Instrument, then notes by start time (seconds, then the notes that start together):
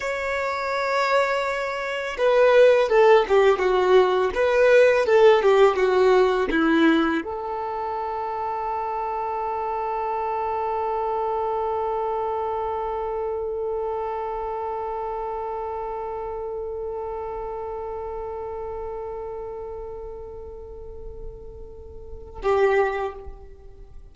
violin
0.00 C#5
2.17 B4
2.89 A4
3.28 G4
3.58 F#4
4.34 B4
5.06 A4
5.42 G4
5.75 F#4
6.51 E4
7.23 A4
22.42 G4